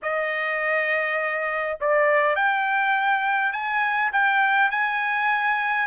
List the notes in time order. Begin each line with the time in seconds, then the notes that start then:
0.02 D#5
1.80 D5
2.35 G5
3.52 G#5
4.12 G5
4.70 G#5